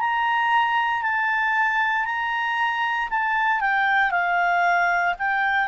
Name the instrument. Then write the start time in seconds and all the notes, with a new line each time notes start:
clarinet
0.00 A#5
1.03 A5
2.05 A#5
3.10 A5
3.61 G5
4.11 F5
5.18 G5